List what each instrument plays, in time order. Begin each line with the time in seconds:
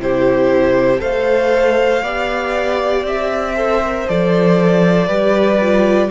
0.00 cello C3, viola E4, violin G4 C5
0.98 cello A3, viola A4, violin C5 F5
2.03 cello B3, viola G4, violin D5
3.04 cello C4, violin E5
3.56 viola A4, violin C5
3.85 viola A#4
4.08 cello F3, viola A4, violin D5
5.07 cello G3, viola G4, violin B4
5.61 viola F4